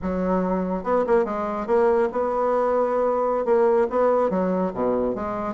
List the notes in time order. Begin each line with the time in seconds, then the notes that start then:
0.02 F#3
0.83 B3
1.06 A#3
1.25 G#3
1.66 A#3
2.12 B3
3.45 A#3
3.89 B3
4.29 F#3
4.74 B2
5.15 G#3